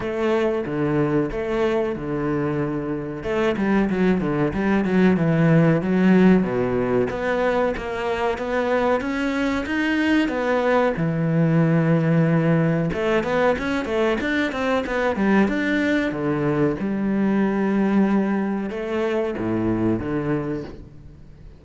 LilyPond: \new Staff \with { instrumentName = "cello" } { \time 4/4 \tempo 4 = 93 a4 d4 a4 d4~ | d4 a8 g8 fis8 d8 g8 fis8 | e4 fis4 b,4 b4 | ais4 b4 cis'4 dis'4 |
b4 e2. | a8 b8 cis'8 a8 d'8 c'8 b8 g8 | d'4 d4 g2~ | g4 a4 a,4 d4 | }